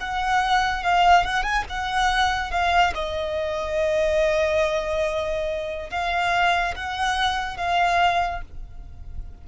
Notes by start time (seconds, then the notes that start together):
0.00 F#5
0.83 F5
1.24 F#5
1.43 G#5
1.69 F#5
2.51 F5
2.94 D#5
5.90 F5
6.75 F#5
7.57 F5